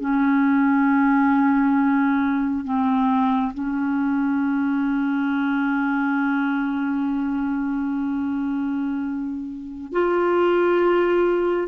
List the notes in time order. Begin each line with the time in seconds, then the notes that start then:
0.00 C#4
2.64 C4
3.54 C#4
9.92 F4